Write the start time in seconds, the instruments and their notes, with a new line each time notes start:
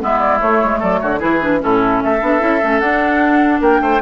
0.00 bassoon G#3, clarinet B3, oboe E4, flute E5
0.19 flute D5
0.41 clarinet A3, bassoon A3, flute C#5
0.64 bassoon G#3
0.79 bassoon F#3, oboe A4, flute D5
1.00 bassoon D3, oboe F#4, flute C#5
1.19 bassoon E3, clarinet E4, oboe G#4, flute B4
1.41 clarinet D4
1.59 bassoon A2, clarinet C#4, oboe E4, flute A4
2.02 bassoon A3, oboe A4, flute E5
2.21 bassoon B3, clarinet D4
2.40 bassoon C#4, clarinet E4
2.61 bassoon A3, clarinet C#4
2.80 bassoon D4, clarinet D4, flute F#5
3.61 bassoon A#3, oboe A#4, flute G5
3.81 bassoon A3, oboe C5